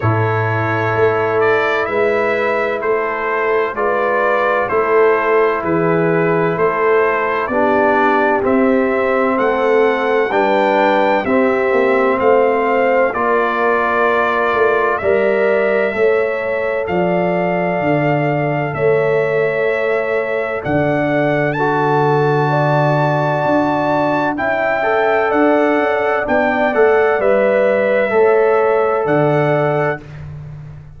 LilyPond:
<<
  \new Staff \with { instrumentName = "trumpet" } { \time 4/4 \tempo 4 = 64 cis''4. d''8 e''4 c''4 | d''4 c''4 b'4 c''4 | d''4 e''4 fis''4 g''4 | e''4 f''4 d''2 |
e''2 f''2 | e''2 fis''4 a''4~ | a''2 g''4 fis''4 | g''8 fis''8 e''2 fis''4 | }
  \new Staff \with { instrumentName = "horn" } { \time 4/4 a'2 b'4 a'4 | b'4 a'4 gis'4 a'4 | g'2 a'4 b'4 | g'4 c''4 ais'2 |
d''4 cis''4 d''2 | cis''2 d''4 a'4 | d''2 e''4 d''4~ | d''2 cis''4 d''4 | }
  \new Staff \with { instrumentName = "trombone" } { \time 4/4 e'1 | f'4 e'2. | d'4 c'2 d'4 | c'2 f'2 |
ais'4 a'2.~ | a'2. fis'4~ | fis'2 e'8 a'4. | d'8 a'8 b'4 a'2 | }
  \new Staff \with { instrumentName = "tuba" } { \time 4/4 a,4 a4 gis4 a4 | gis4 a4 e4 a4 | b4 c'4 a4 g4 | c'8 ais8 a4 ais4. a8 |
g4 a4 f4 d4 | a2 d2~ | d4 d'4 cis'4 d'8 cis'8 | b8 a8 g4 a4 d4 | }
>>